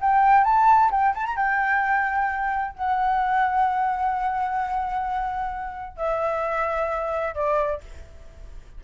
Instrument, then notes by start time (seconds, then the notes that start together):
flute
0.00 G5
0.44 A5
0.91 G5
1.15 A5
1.26 A#5
1.36 G5
2.75 F#5
5.96 E5
7.35 D5